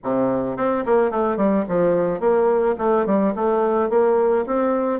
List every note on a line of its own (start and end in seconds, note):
0.03 0.56 C3
0.56 0.84 C4
0.85 1.10 A#3
1.10 1.36 A3
1.36 1.64 G3
1.68 2.19 F3
2.19 2.75 A#3
2.78 3.06 A3
3.06 3.34 G3
3.35 3.89 A3
3.89 4.45 A#3
4.46 4.99 C4